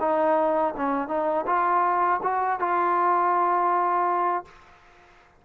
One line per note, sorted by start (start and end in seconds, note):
0.00 0.74 D#4
0.77 1.08 C#4
1.08 1.45 D#4
1.46 2.21 F4
2.23 2.60 F#4
2.60 4.45 F4